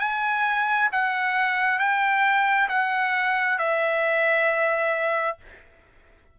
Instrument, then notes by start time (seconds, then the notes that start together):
trumpet
0.00 G#5
0.92 F#5
1.79 G5
2.69 F#5
3.59 E5